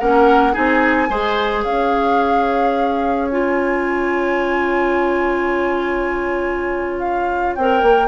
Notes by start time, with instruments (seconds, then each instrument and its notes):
0.00 bassoon A#3, clarinet C#4, oboe A#4, flute F#5
0.53 bassoon C4, clarinet D#4, oboe G#4, flute G#5
1.09 bassoon G#3, clarinet G#4, oboe C5
1.64 bassoon C#4, oboe C#5, flute F5
3.28 clarinet F4, flute G#5
6.99 flute F5
7.55 bassoon C4, clarinet A#4, flute G5
7.82 bassoon A#3